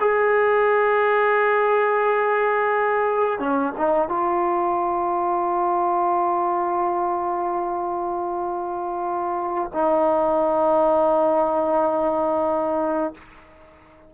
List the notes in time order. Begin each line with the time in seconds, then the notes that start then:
0.00 G#4
3.39 C#4
3.77 D#4
4.08 F4
9.73 D#4